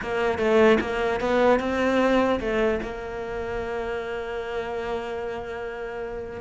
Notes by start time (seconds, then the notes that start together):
0.02 A#3
0.38 A3
0.80 A#3
1.20 B3
1.59 C4
2.40 A3
2.82 A#3